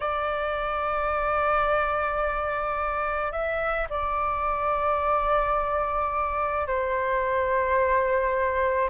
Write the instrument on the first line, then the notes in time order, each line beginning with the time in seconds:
flute
0.00 D5
3.32 E5
3.89 D5
6.67 C5